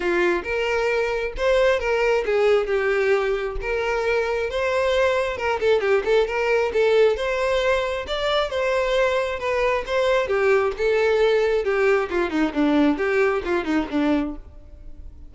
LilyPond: \new Staff \with { instrumentName = "violin" } { \time 4/4 \tempo 4 = 134 f'4 ais'2 c''4 | ais'4 gis'4 g'2 | ais'2 c''2 | ais'8 a'8 g'8 a'8 ais'4 a'4 |
c''2 d''4 c''4~ | c''4 b'4 c''4 g'4 | a'2 g'4 f'8 dis'8 | d'4 g'4 f'8 dis'8 d'4 | }